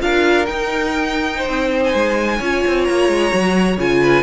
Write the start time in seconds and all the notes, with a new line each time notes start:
0.00 D4 F4 A#4 F5
0.46 D#4 G5
1.36 C5
1.49 C4
1.84 G#5
1.94 G#3
2.38 C#4 F4 C#5
2.67 C4
2.85 A#3 A#5
3.08 G#3
3.31 F#3 F#4
3.77 C#3 F4 G#5
4.02 B4